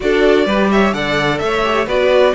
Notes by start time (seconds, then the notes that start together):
0.00 D4 F#4 A4 D5
0.45 G3 G4 B4
0.71 C#5 E5
0.93 D3 A4 D5 F#5
1.38 A3 E5
1.44 C#5
1.64 G4
1.87 B3 F#4 B4 D5